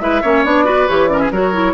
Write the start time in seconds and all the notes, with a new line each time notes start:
0.00 G#3 E4 B4 E5
0.22 A#3 C#4 C#5
0.44 B3 D4 D5
0.65 F#4 B4
0.88 E3 G4 C#5
1.09 C#4 A#4 D5
1.19 G#4 E5
1.31 F#3 F#4 A#4 C#5
1.53 E4